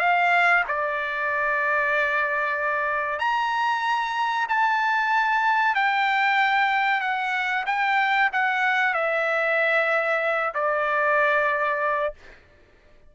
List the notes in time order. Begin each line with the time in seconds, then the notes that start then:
0.00 F5
0.68 D5
3.19 A#5
4.49 A5
5.75 G5
7.00 F#5
7.66 G5
8.33 F#5
8.94 E5
10.54 D5